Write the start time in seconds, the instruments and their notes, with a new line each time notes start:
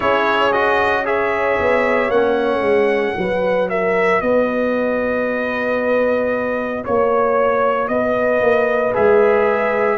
0.00 tuba C#4, trombone E4, horn G#4, trumpet C#5
0.52 trombone F#4, trumpet D#5
1.05 trombone G#4, horn C#5, trumpet E5
1.59 tuba B3
2.09 tuba A#3, trombone C#4, trumpet F#5
2.61 tuba G#3
3.15 tuba F#3, trombone F#4, horn B4
3.69 horn A#4, trumpet E5
4.21 tuba B3, horn B4, trumpet D#5
6.83 tuba A#3, horn C#5, trumpet C#5
7.88 tuba B3, horn B4, trumpet D#5
8.40 tuba A#3
8.93 tuba G#3, trombone G#4, trumpet E5